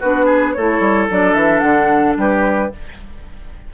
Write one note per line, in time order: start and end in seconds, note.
0.00 0.57 B3
0.00 0.58 D4
0.00 0.26 F#4
0.00 0.53 B4
0.26 0.53 G#4
0.53 0.80 A3
0.53 1.10 E4
0.53 2.18 A4
0.53 1.08 C#5
0.80 1.07 G3
1.10 1.35 F#3
1.10 2.72 D4
1.10 1.34 D5
1.34 1.62 E3
1.34 1.60 E5
1.60 2.17 D3
1.60 2.14 F#5
2.17 2.71 G3
2.17 2.72 G4
2.17 2.74 B4